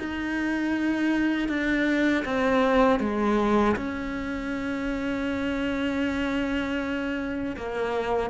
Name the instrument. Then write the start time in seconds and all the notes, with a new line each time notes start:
cello
0.00 D#4
1.49 D4
2.26 C4
3.00 G#3
3.77 C#4
7.57 A#3